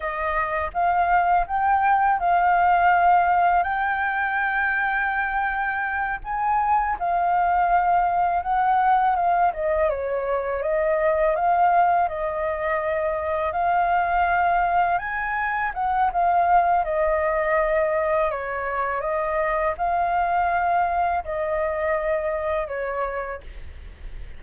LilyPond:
\new Staff \with { instrumentName = "flute" } { \time 4/4 \tempo 4 = 82 dis''4 f''4 g''4 f''4~ | f''4 g''2.~ | g''8 gis''4 f''2 fis''8~ | fis''8 f''8 dis''8 cis''4 dis''4 f''8~ |
f''8 dis''2 f''4.~ | f''8 gis''4 fis''8 f''4 dis''4~ | dis''4 cis''4 dis''4 f''4~ | f''4 dis''2 cis''4 | }